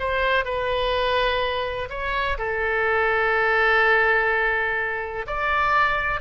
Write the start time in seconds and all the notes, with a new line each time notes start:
0.00 C5
0.45 B4
1.90 C#5
2.38 A4
5.27 D5